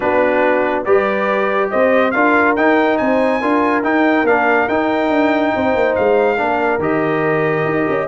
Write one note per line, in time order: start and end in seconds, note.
0.00 0.86 B3
0.00 0.85 D4
0.00 0.84 F#4
0.00 0.83 B4
0.84 1.71 G3
0.84 2.13 G4
0.84 1.69 B4
0.84 1.70 D5
1.70 2.14 C4
1.70 2.14 C5
1.70 2.11 D#5
2.11 2.56 D4
2.11 2.56 F4
2.11 2.99 A#4
2.11 2.53 F5
2.56 2.99 D#4
2.56 3.41 D#4
2.56 2.97 G5
2.97 3.42 C4
2.97 3.40 C5
2.97 3.82 G#5
3.40 3.84 D4
3.40 3.83 F4
3.40 5.53 A#4
3.83 4.25 D#4
3.83 4.23 D#4
3.83 4.26 G5
4.23 4.66 A#3
4.23 4.69 D4
4.23 4.68 F5
4.68 5.09 D#4
4.68 6.37 D#4
4.68 5.95 G5
5.09 5.52 D4
5.55 5.74 C4
5.55 6.37 C5
5.74 5.96 A#3
5.95 6.39 G#3
5.95 6.80 F5
6.37 6.79 A#3
6.37 6.79 D4
6.37 8.07 A#4
6.79 7.64 D#3
6.79 8.07 G4
6.79 8.07 D#5
7.65 7.86 D#4
7.89 8.07 C#4